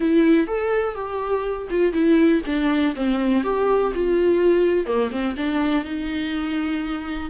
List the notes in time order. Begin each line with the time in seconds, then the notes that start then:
0.00 E4
0.47 A4
0.94 G4
1.70 F4
1.92 E4
2.46 D4
2.95 C4
3.43 G4
3.94 F4
4.86 A#3
5.11 C4
5.37 D4
5.84 D#4